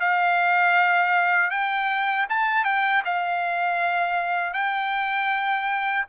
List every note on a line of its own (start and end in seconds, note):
0.00 1.51 F5
1.51 2.26 G5
2.29 2.64 A5
2.64 3.02 G5
3.05 4.53 F5
4.53 6.05 G5